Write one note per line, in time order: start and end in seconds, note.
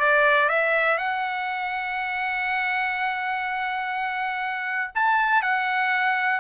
0.00 0.49 D5
0.49 0.98 E5
0.98 4.92 F#5
4.95 5.42 A5
5.42 6.40 F#5